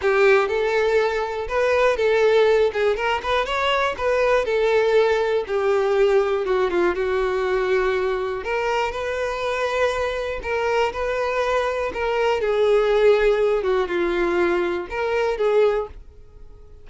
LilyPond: \new Staff \with { instrumentName = "violin" } { \time 4/4 \tempo 4 = 121 g'4 a'2 b'4 | a'4. gis'8 ais'8 b'8 cis''4 | b'4 a'2 g'4~ | g'4 fis'8 f'8 fis'2~ |
fis'4 ais'4 b'2~ | b'4 ais'4 b'2 | ais'4 gis'2~ gis'8 fis'8 | f'2 ais'4 gis'4 | }